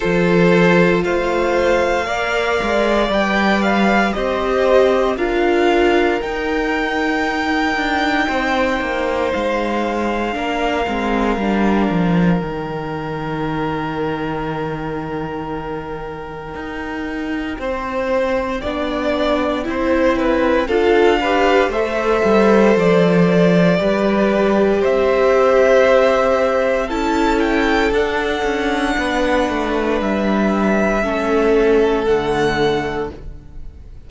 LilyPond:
<<
  \new Staff \with { instrumentName = "violin" } { \time 4/4 \tempo 4 = 58 c''4 f''2 g''8 f''8 | dis''4 f''4 g''2~ | g''4 f''2. | g''1~ |
g''1 | f''4 e''4 d''2 | e''2 a''8 g''8 fis''4~ | fis''4 e''2 fis''4 | }
  \new Staff \with { instrumentName = "violin" } { \time 4/4 a'4 c''4 d''2 | c''4 ais'2. | c''2 ais'2~ | ais'1~ |
ais'4 c''4 d''4 c''8 b'8 | a'8 b'8 c''2 b'4 | c''2 a'2 | b'2 a'2 | }
  \new Staff \with { instrumentName = "viola" } { \time 4/4 f'2 ais'4 b'4 | g'4 f'4 dis'2~ | dis'2 d'8 c'8 d'4 | dis'1~ |
dis'2 d'4 e'4 | f'8 g'8 a'2 g'4~ | g'2 e'4 d'4~ | d'2 cis'4 a4 | }
  \new Staff \with { instrumentName = "cello" } { \time 4/4 f4 a4 ais8 gis8 g4 | c'4 d'4 dis'4. d'8 | c'8 ais8 gis4 ais8 gis8 g8 f8 | dis1 |
dis'4 c'4 b4 c'4 | d'4 a8 g8 f4 g4 | c'2 cis'4 d'8 cis'8 | b8 a8 g4 a4 d4 | }
>>